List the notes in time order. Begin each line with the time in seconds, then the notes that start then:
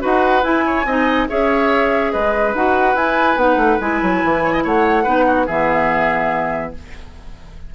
0.00 D#4 F#4 B4 F#5
0.43 E4 G#5
0.66 C#5
0.85 C4 D#4 D#5
1.29 C#4 G#4 C#5 E5
2.12 G#3 B4 D#5
2.54 D#4 F#4 F#5
2.95 E4 G#5
3.36 B3 D#4 F#5
3.57 A3
3.80 G#3 E4 G#5
4.02 F#3
4.23 E3
4.44 C#5
4.53 D#5
4.63 A3 C#5 F#5
5.03 B3 D#4 B4
5.27 F#4
5.46 E3 B3 G#4 E5